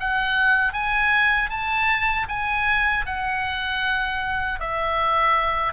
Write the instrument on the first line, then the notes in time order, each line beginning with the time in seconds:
oboe
0.00 F#5
0.73 G#5
1.50 A5
2.29 G#5
3.06 F#5
4.60 E5